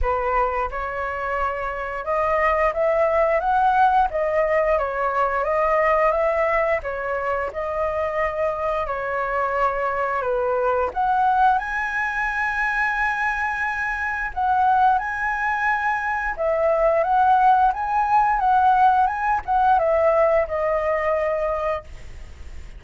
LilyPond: \new Staff \with { instrumentName = "flute" } { \time 4/4 \tempo 4 = 88 b'4 cis''2 dis''4 | e''4 fis''4 dis''4 cis''4 | dis''4 e''4 cis''4 dis''4~ | dis''4 cis''2 b'4 |
fis''4 gis''2.~ | gis''4 fis''4 gis''2 | e''4 fis''4 gis''4 fis''4 | gis''8 fis''8 e''4 dis''2 | }